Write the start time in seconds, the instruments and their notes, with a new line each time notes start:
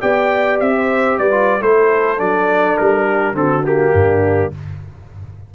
0.00 tuba B3, trombone G4, horn D5, trumpet G5
0.60 tuba C4, trumpet E5
0.75 horn C5
1.18 tuba G3, horn B4, trumpet D5
1.30 trombone F4
1.60 tuba A3, trombone E4, horn A4, trumpet C5
2.17 tuba F#3, trombone D4, trumpet D5
2.77 tuba G3, trumpet A#4
3.05 horn G4
3.33 tuba D3, trombone C4, horn F#4, trumpet A4
3.64 trombone A#3, trumpet G4
3.93 tuba G2, horn D4